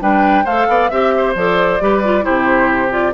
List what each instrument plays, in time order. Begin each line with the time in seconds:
0.00 bassoon G3, clarinet D4, oboe B4, flute G5
0.44 bassoon A3, clarinet A4, oboe C5, flute F5
0.68 bassoon B3, oboe D5
0.88 bassoon C4, clarinet G4, flute E5, oboe E5
1.17 oboe C5
1.35 bassoon F3, clarinet A4, flute D5
1.80 bassoon G3, clarinet G4, oboe B4
2.04 clarinet F4
2.22 bassoon C3, clarinet E4, oboe G4, flute C5
2.90 clarinet F4, flute D5